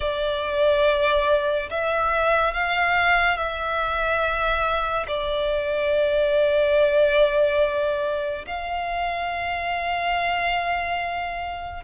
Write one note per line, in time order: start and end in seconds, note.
0.00 1.69 D5
1.69 2.54 E5
2.54 3.37 F5
3.37 5.06 E5
5.07 8.45 D5
8.46 11.83 F5